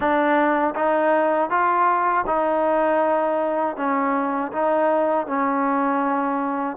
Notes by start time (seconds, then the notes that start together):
0.00 D4
0.75 D#4
1.50 F4
2.26 D#4
3.76 C#4
4.52 D#4
5.26 C#4